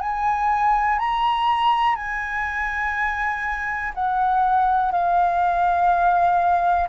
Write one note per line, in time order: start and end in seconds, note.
0.00 0.98 G#5
0.98 1.95 A#5
1.95 3.92 G#5
3.94 4.91 F#5
4.91 6.88 F5